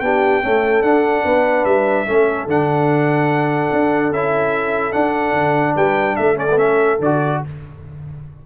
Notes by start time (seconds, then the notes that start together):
0.00 B3 D4 G4 G5
0.43 A3 C#4 A4
0.82 D4 F#5
1.24 B3 B4
1.65 G3 E5
2.07 A3 C#4 A4
2.46 D3 D4 F#5
3.72 D4
4.11 C#4 E4 E5
4.92 D4 F#5
5.33 D3
5.75 G3 B4 G5
6.16 A3 A4 E5
6.36 C#4 D5
6.50 B3
6.57 C#4 E5
6.99 D3 F#4 D5